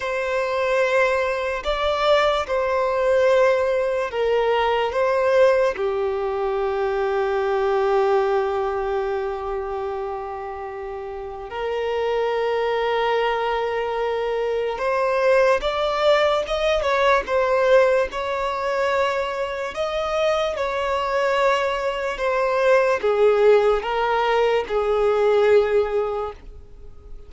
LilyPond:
\new Staff \with { instrumentName = "violin" } { \time 4/4 \tempo 4 = 73 c''2 d''4 c''4~ | c''4 ais'4 c''4 g'4~ | g'1~ | g'2 ais'2~ |
ais'2 c''4 d''4 | dis''8 cis''8 c''4 cis''2 | dis''4 cis''2 c''4 | gis'4 ais'4 gis'2 | }